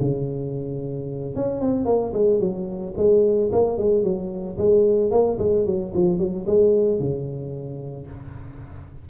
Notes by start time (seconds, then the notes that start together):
0.00 C#3
1.35 C#4
1.60 C4
1.85 A#3
2.13 G#3
2.40 F#3
2.97 G#3
3.52 A#3
3.78 G#3
4.03 F#3
4.57 G#3
5.11 A#3
5.39 G#3
5.65 F#3
5.94 F3
6.18 F#3
6.46 G#3
6.99 C#3